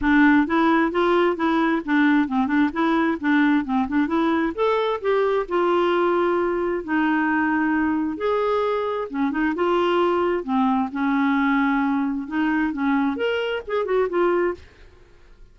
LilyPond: \new Staff \with { instrumentName = "clarinet" } { \time 4/4 \tempo 4 = 132 d'4 e'4 f'4 e'4 | d'4 c'8 d'8 e'4 d'4 | c'8 d'8 e'4 a'4 g'4 | f'2. dis'4~ |
dis'2 gis'2 | cis'8 dis'8 f'2 c'4 | cis'2. dis'4 | cis'4 ais'4 gis'8 fis'8 f'4 | }